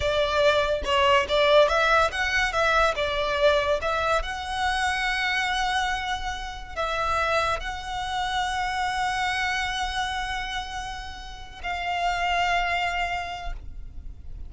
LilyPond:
\new Staff \with { instrumentName = "violin" } { \time 4/4 \tempo 4 = 142 d''2 cis''4 d''4 | e''4 fis''4 e''4 d''4~ | d''4 e''4 fis''2~ | fis''1 |
e''2 fis''2~ | fis''1~ | fis''2.~ fis''8 f''8~ | f''1 | }